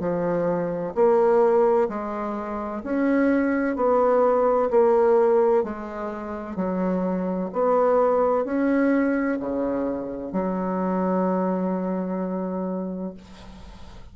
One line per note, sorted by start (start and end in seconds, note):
0.00 0.94 F3
0.95 1.89 A#3
1.89 2.83 G#3
2.84 3.76 C#4
3.76 4.70 B3
4.71 5.64 A#3
5.64 6.56 G#3
6.56 7.50 F#3
7.53 8.45 B3
8.45 9.39 C#4
9.40 10.33 C#3
10.33 13.14 F#3